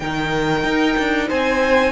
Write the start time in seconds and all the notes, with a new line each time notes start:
0.00 D#3 D#4 A#4 G5
0.64 D#4
0.99 D4
1.28 C4 C5 G#5